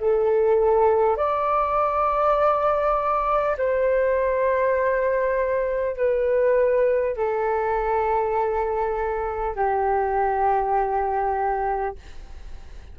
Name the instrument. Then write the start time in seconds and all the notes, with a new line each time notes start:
flute
0.00 A4
1.17 D5
3.58 C5
5.97 B4
7.17 A4
9.56 G4